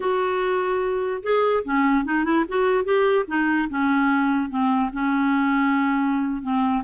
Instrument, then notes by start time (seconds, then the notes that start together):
clarinet
0.00 F#4
1.22 G#4
1.64 C#4
2.04 D#4
2.24 E4
2.48 F#4
2.84 G4
3.27 D#4
3.69 C#4
4.49 C4
4.92 C#4
6.42 C4